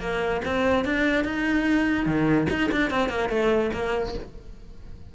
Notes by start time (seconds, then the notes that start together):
0.00 A#3
0.45 C4
0.85 D4
1.25 D#4
2.06 D#3
2.50 D#4
2.71 D4
2.90 C4
3.09 A#3
3.29 A3
3.73 A#3